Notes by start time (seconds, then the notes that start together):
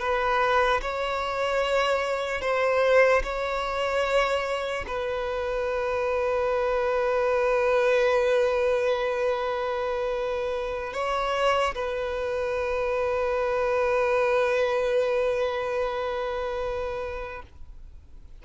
0.00 B4
0.82 C#5
2.41 C5
3.24 C#5
4.87 B4
10.93 C#5
11.75 B4